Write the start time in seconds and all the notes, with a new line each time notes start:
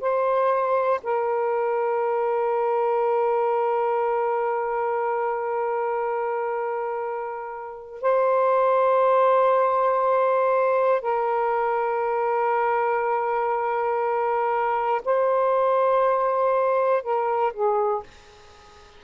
0.00 C5
1.03 A#4
8.01 C5
11.01 A#4
15.05 C5
17.02 A#4
17.53 G#4